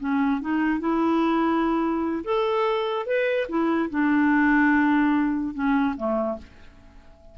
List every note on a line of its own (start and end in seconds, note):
0.00 0.41 C#4
0.41 0.80 D#4
0.80 2.24 E4
2.25 3.07 A4
3.07 3.48 B4
3.49 3.90 E4
3.90 5.54 D4
5.54 5.95 C#4
5.97 6.38 A3